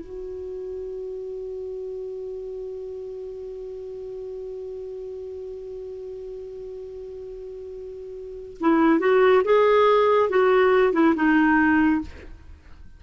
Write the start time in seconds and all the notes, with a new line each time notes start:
0.00 F#4
8.60 E4
9.00 F#4
9.44 G#4
10.30 F#4
10.93 E4
11.15 D#4